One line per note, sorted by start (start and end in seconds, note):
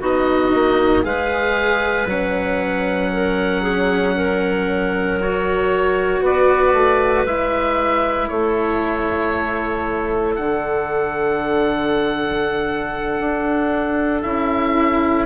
0.00 0.53 B3
0.00 1.03 D#4
0.00 1.03 F#4
0.00 1.04 D#5
0.54 1.05 A#3
1.03 2.06 G#3
1.03 2.06 G#4
1.03 3.11 B4
1.03 2.08 F5
2.06 6.20 F#3
2.06 5.19 C#4
2.06 5.19 F#5
3.12 3.61 A#4
3.61 4.13 G#4
4.16 6.21 A#4
5.19 7.26 F#4
5.19 6.24 C#5
6.21 6.73 B3
6.21 8.28 B4
6.21 7.26 D5
6.73 7.25 A3
7.25 8.29 G#3
7.25 10.37 E4
7.25 8.28 E5
8.28 10.38 A3
8.28 15.26 A4
8.28 10.35 C#5
10.35 13.19 D3
10.35 14.24 D4
10.35 14.22 F#5
13.19 14.23 D4
14.22 15.26 C#4
14.22 15.26 E4
14.22 15.25 E5